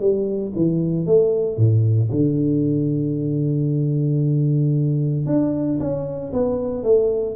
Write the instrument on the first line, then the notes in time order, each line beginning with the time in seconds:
tuba
0.00 G3
0.56 E3
1.06 A3
1.57 A2
2.11 D3
5.26 D4
5.79 C#4
6.33 B3
6.83 A3